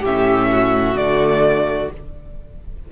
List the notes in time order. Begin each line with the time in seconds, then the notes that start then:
0.00 A2 C#4 G4 E5
0.51 F#4
0.94 D3 A3 D5